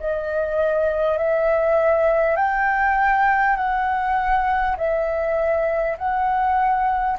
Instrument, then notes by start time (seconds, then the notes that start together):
flute
0.00 D#5
1.18 E5
2.37 G5
3.57 F#5
4.78 E5
5.98 F#5